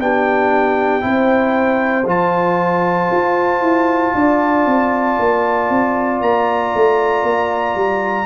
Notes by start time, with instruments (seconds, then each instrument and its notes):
0.00 tuba B3, trombone D4, horn G4, trumpet G5
1.01 tuba C4, trombone E4, horn C5
2.06 tuba F3, trombone F4, trumpet A5
3.11 tuba F4
3.61 tuba E4
4.15 tuba D4, horn D5
4.66 tuba C4
5.19 tuba A#3
5.70 tuba C4
6.22 tuba A#3, trumpet A#5
6.75 tuba A3
7.23 tuba A#3
7.75 tuba G3